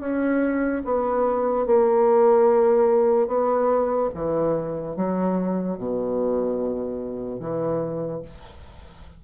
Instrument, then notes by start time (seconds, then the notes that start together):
bassoon
0.00 C#4
0.85 B3
1.66 A#3
3.28 B3
4.14 E3
4.97 F#3
5.78 B2
7.40 E3